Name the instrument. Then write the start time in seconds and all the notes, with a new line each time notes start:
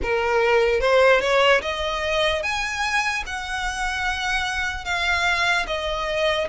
violin
0.02 A#4
0.80 C5
1.20 C#5
1.61 D#5
2.42 G#5
3.26 F#5
4.84 F5
5.66 D#5